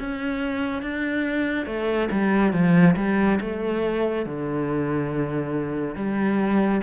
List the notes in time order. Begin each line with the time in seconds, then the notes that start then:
0.00 C#4
0.83 D4
1.67 A3
2.12 G3
2.53 F3
2.97 G3
3.41 A3
4.26 D3
5.96 G3